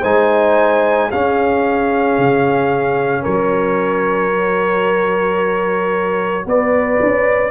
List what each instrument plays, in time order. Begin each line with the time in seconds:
0.00 tuba G#3, trombone D#4, horn C5, trumpet G#5
1.10 trombone C#4, tuba C#4, horn G#4, trumpet F5
2.17 tuba C#3
3.22 tuba F#3, horn A#4, trumpet C#5
4.31 trombone F#4
6.45 tuba B3, horn B4, trumpet D5
7.02 tuba C#4